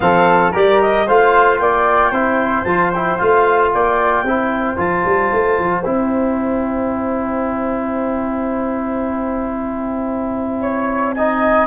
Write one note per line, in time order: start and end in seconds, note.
0.00 0.53 F3
0.00 0.53 C4
0.00 0.52 A4
0.00 0.52 F5
0.52 1.08 G3
0.52 1.07 G4
0.52 1.05 A#4
0.52 0.81 D5
0.81 1.08 D#5
1.06 1.59 A3
1.06 2.13 F4
1.06 1.59 C5
1.06 1.58 F5
1.58 2.11 A#3
1.58 2.11 D5
1.58 2.64 G5
2.11 2.64 C4
2.11 2.66 E4
2.11 3.70 C5
2.64 3.17 F3
2.64 2.92 F4
2.64 2.91 A5
2.91 3.19 E4
2.91 3.17 G5
3.17 3.74 A3
3.17 4.25 F4
3.17 3.71 F5
3.73 4.23 A#3
3.73 4.23 D5
3.73 4.78 G5
4.23 4.76 C4
4.23 4.76 E4
4.23 10.60 C5
4.76 5.04 F3
4.76 5.83 F4
4.76 5.83 A5
5.05 5.31 G3
5.32 5.58 A3
5.58 5.85 F3
5.83 11.66 C4
5.83 11.16 E4
5.83 11.14 G5
10.61 11.14 C#5
11.14 11.66 D#4
11.14 11.66 D#5
11.14 11.66 G#5